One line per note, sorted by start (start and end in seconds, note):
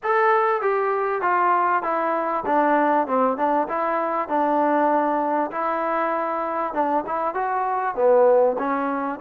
0.03 0.61 A4
0.61 1.21 G4
1.21 1.82 F4
1.82 2.44 E4
2.45 3.07 D4
3.07 3.37 C4
3.37 3.67 D4
3.68 4.28 E4
4.28 5.50 D4
5.51 6.73 E4
6.73 7.04 D4
7.06 7.34 E4
7.34 7.95 F#4
7.95 8.56 B3
8.58 9.19 C#4